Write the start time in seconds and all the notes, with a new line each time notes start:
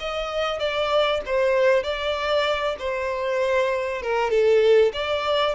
0.00 D#5
0.60 D5
1.26 C5
1.84 D5
2.79 C5
4.02 A#4
4.30 A4
4.93 D5